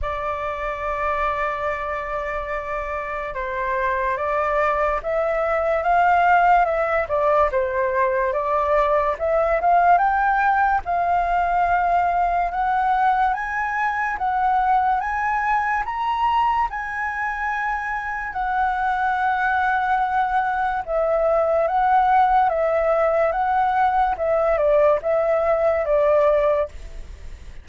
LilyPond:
\new Staff \with { instrumentName = "flute" } { \time 4/4 \tempo 4 = 72 d''1 | c''4 d''4 e''4 f''4 | e''8 d''8 c''4 d''4 e''8 f''8 | g''4 f''2 fis''4 |
gis''4 fis''4 gis''4 ais''4 | gis''2 fis''2~ | fis''4 e''4 fis''4 e''4 | fis''4 e''8 d''8 e''4 d''4 | }